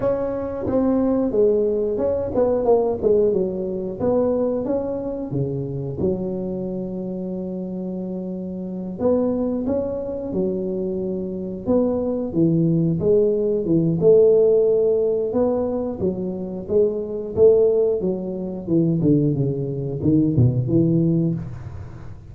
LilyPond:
\new Staff \with { instrumentName = "tuba" } { \time 4/4 \tempo 4 = 90 cis'4 c'4 gis4 cis'8 b8 | ais8 gis8 fis4 b4 cis'4 | cis4 fis2.~ | fis4. b4 cis'4 fis8~ |
fis4. b4 e4 gis8~ | gis8 e8 a2 b4 | fis4 gis4 a4 fis4 | e8 d8 cis4 dis8 b,8 e4 | }